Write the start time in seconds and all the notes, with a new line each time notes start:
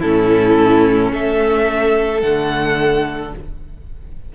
0.00 A2 C#4 E4 A4
1.12 A3 A4 E5
2.22 D3 A3 F#5